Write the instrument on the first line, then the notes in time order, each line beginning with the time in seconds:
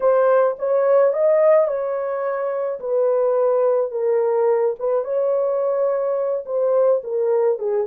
horn
0.00 C5
0.59 C#5
1.13 D#5
1.67 C#5
2.80 B4
3.91 A#4
4.79 B4
5.04 C#5
6.45 C5
7.03 A#4
7.59 G#4